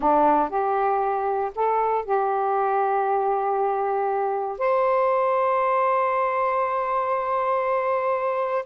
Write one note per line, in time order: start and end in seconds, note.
0.00 0.49 D4
0.49 1.51 G4
1.55 2.05 A4
2.05 4.58 G4
4.58 8.65 C5